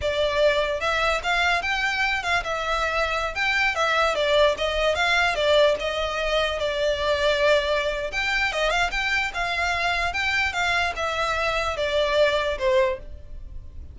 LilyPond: \new Staff \with { instrumentName = "violin" } { \time 4/4 \tempo 4 = 148 d''2 e''4 f''4 | g''4. f''8 e''2~ | e''16 g''4 e''4 d''4 dis''8.~ | dis''16 f''4 d''4 dis''4.~ dis''16~ |
dis''16 d''2.~ d''8. | g''4 dis''8 f''8 g''4 f''4~ | f''4 g''4 f''4 e''4~ | e''4 d''2 c''4 | }